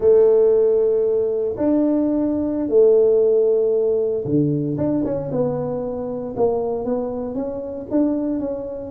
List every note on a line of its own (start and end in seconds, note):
0.00 1.55 A3
1.57 2.68 D4
2.68 4.23 A3
4.25 4.77 D3
4.77 5.03 D4
5.05 5.30 C#4
5.31 6.35 B3
6.36 6.85 A#3
6.85 7.34 B3
7.34 7.86 C#4
7.90 8.39 D4
8.39 8.90 C#4